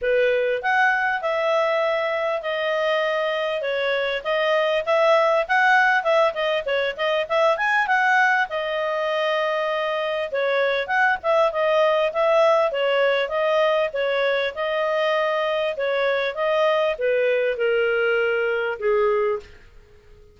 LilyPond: \new Staff \with { instrumentName = "clarinet" } { \time 4/4 \tempo 4 = 99 b'4 fis''4 e''2 | dis''2 cis''4 dis''4 | e''4 fis''4 e''8 dis''8 cis''8 dis''8 | e''8 gis''8 fis''4 dis''2~ |
dis''4 cis''4 fis''8 e''8 dis''4 | e''4 cis''4 dis''4 cis''4 | dis''2 cis''4 dis''4 | b'4 ais'2 gis'4 | }